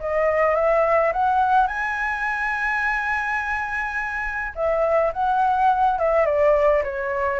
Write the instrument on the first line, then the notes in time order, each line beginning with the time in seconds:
flute
0.00 D#5
0.55 E5
1.13 F#5
1.68 G#5
4.55 E5
5.13 F#5
5.99 E5
6.26 D5
6.84 C#5